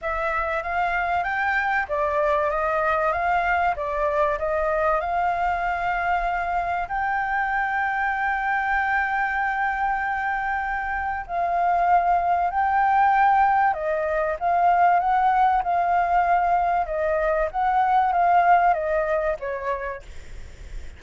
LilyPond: \new Staff \with { instrumentName = "flute" } { \time 4/4 \tempo 4 = 96 e''4 f''4 g''4 d''4 | dis''4 f''4 d''4 dis''4 | f''2. g''4~ | g''1~ |
g''2 f''2 | g''2 dis''4 f''4 | fis''4 f''2 dis''4 | fis''4 f''4 dis''4 cis''4 | }